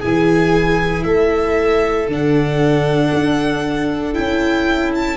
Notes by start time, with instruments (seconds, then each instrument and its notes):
0.00 tuba E3, viola E4, violin G#4 G#5
1.04 tuba A3, violin A4 E5
2.08 tuba D3, viola D4, violin F#5
3.14 tuba D4
4.13 tuba C#4, viola E4, violin G5
4.95 violin A5